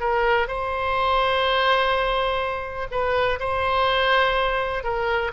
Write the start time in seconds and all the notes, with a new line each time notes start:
0.00 A#4
0.48 C5
2.91 B4
3.40 C5
4.84 A#4